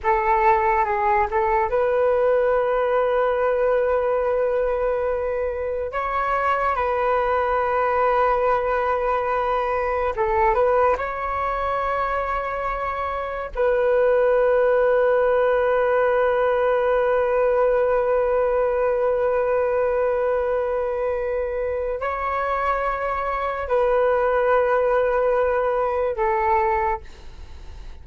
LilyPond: \new Staff \with { instrumentName = "flute" } { \time 4/4 \tempo 4 = 71 a'4 gis'8 a'8 b'2~ | b'2. cis''4 | b'1 | a'8 b'8 cis''2. |
b'1~ | b'1~ | b'2 cis''2 | b'2. a'4 | }